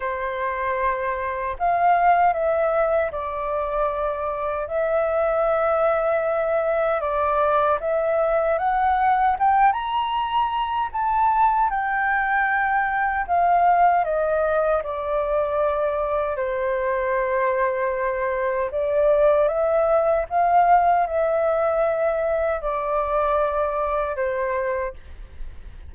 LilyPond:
\new Staff \with { instrumentName = "flute" } { \time 4/4 \tempo 4 = 77 c''2 f''4 e''4 | d''2 e''2~ | e''4 d''4 e''4 fis''4 | g''8 ais''4. a''4 g''4~ |
g''4 f''4 dis''4 d''4~ | d''4 c''2. | d''4 e''4 f''4 e''4~ | e''4 d''2 c''4 | }